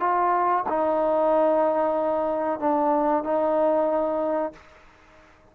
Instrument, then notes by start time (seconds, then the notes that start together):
trombone
0.00 F4
0.69 D#4
2.60 D4
3.24 D#4